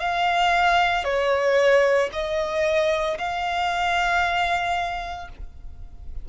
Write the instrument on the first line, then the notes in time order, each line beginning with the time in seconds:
violin
0.00 F5
1.04 C#5
2.12 D#5
3.18 F5